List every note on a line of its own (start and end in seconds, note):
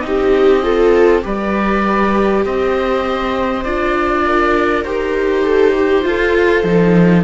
0.00 1.24 C4
0.00 0.63 D#4
0.00 1.20 D#5
0.07 0.63 G4
0.63 1.22 F4
0.63 1.23 A4
1.22 2.45 G3
1.22 3.62 G4
1.22 2.44 B4
1.22 2.46 D5
2.45 3.65 C4
2.45 4.25 C5
2.45 3.64 D#5
3.64 4.85 D4
3.64 4.85 F4
3.64 4.83 D5
4.25 5.44 A#4
4.83 6.05 D#4
4.83 6.01 G4
4.83 7.24 C5
5.44 5.74 A4
5.75 6.05 G4
6.01 6.61 F4
6.01 6.63 F4
6.01 7.24 A4
6.63 7.24 F3
6.63 7.24 D#4